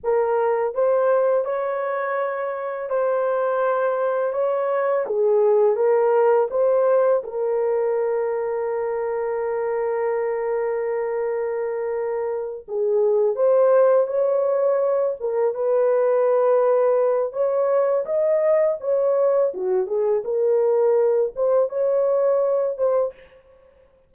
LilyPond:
\new Staff \with { instrumentName = "horn" } { \time 4/4 \tempo 4 = 83 ais'4 c''4 cis''2 | c''2 cis''4 gis'4 | ais'4 c''4 ais'2~ | ais'1~ |
ais'4. gis'4 c''4 cis''8~ | cis''4 ais'8 b'2~ b'8 | cis''4 dis''4 cis''4 fis'8 gis'8 | ais'4. c''8 cis''4. c''8 | }